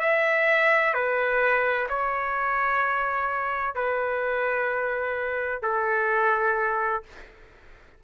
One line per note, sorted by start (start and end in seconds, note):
0.00 0.94 E5
0.94 1.88 B4
1.89 3.75 C#5
3.75 5.62 B4
5.62 7.03 A4